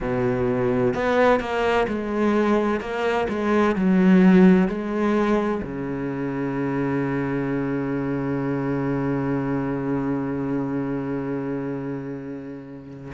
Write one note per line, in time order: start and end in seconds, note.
0.00 0.94 B2
0.94 1.40 B3
1.40 1.87 A#3
1.87 2.80 G#3
2.80 3.27 A#3
3.28 3.75 G#3
3.75 4.67 F#3
4.67 5.61 G#3
5.62 13.12 C#3